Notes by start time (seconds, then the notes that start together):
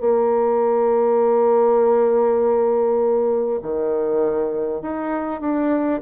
0.00 A#3
3.62 D#3
4.82 D#4
5.40 D4